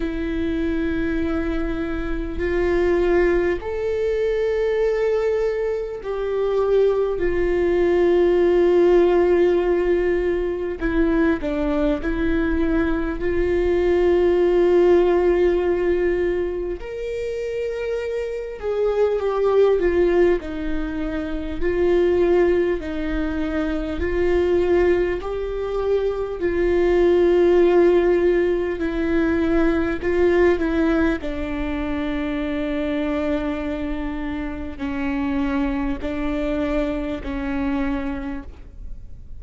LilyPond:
\new Staff \with { instrumentName = "viola" } { \time 4/4 \tempo 4 = 50 e'2 f'4 a'4~ | a'4 g'4 f'2~ | f'4 e'8 d'8 e'4 f'4~ | f'2 ais'4. gis'8 |
g'8 f'8 dis'4 f'4 dis'4 | f'4 g'4 f'2 | e'4 f'8 e'8 d'2~ | d'4 cis'4 d'4 cis'4 | }